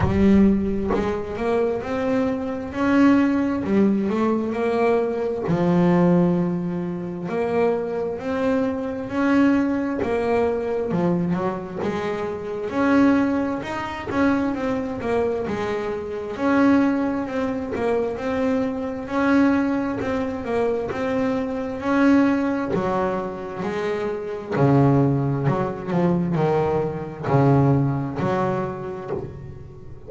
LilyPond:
\new Staff \with { instrumentName = "double bass" } { \time 4/4 \tempo 4 = 66 g4 gis8 ais8 c'4 cis'4 | g8 a8 ais4 f2 | ais4 c'4 cis'4 ais4 | f8 fis8 gis4 cis'4 dis'8 cis'8 |
c'8 ais8 gis4 cis'4 c'8 ais8 | c'4 cis'4 c'8 ais8 c'4 | cis'4 fis4 gis4 cis4 | fis8 f8 dis4 cis4 fis4 | }